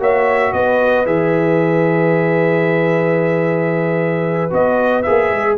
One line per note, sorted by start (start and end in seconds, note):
0.00 0.53 A#3
0.00 1.06 F#4
0.00 0.54 C#5
0.00 0.53 E5
0.53 1.06 B3
0.53 5.59 B4
0.53 1.06 D#5
1.06 4.51 E3
1.06 4.50 G#4
1.06 4.52 E5
4.50 5.06 B3
4.50 5.04 F#4
4.50 5.03 D#5
5.03 5.59 G#4
5.03 5.56 E5
5.09 5.32 A#3
5.32 5.58 G#3